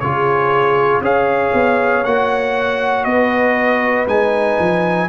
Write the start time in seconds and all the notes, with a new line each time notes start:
0.00 C#3 F4 G#4 C#5
1.01 C#4 G#4 C#5 F5
1.53 B3
2.04 A#3 F#4 F#5
3.04 B3 B4 D#5
4.07 G#3 D#4 G#5
4.59 F3